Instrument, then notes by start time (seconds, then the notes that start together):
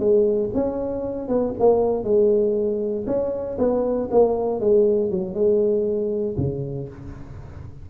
tuba
0.00 G#3
0.55 C#4
1.29 B3
1.60 A#3
2.04 G#3
3.07 C#4
3.59 B3
4.11 A#3
4.61 G#3
5.11 F#3
5.35 G#3
6.38 C#3